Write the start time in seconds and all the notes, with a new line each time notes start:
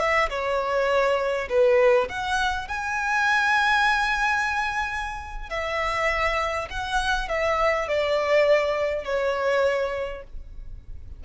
0.00 E5
0.30 C#5
1.50 B4
2.09 F#5
2.68 G#5
5.50 E5
6.70 F#5
7.29 E5
7.88 D5
9.05 C#5